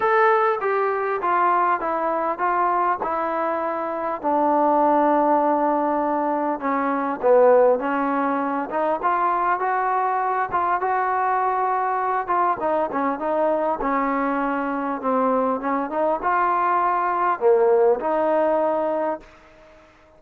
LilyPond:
\new Staff \with { instrumentName = "trombone" } { \time 4/4 \tempo 4 = 100 a'4 g'4 f'4 e'4 | f'4 e'2 d'4~ | d'2. cis'4 | b4 cis'4. dis'8 f'4 |
fis'4. f'8 fis'2~ | fis'8 f'8 dis'8 cis'8 dis'4 cis'4~ | cis'4 c'4 cis'8 dis'8 f'4~ | f'4 ais4 dis'2 | }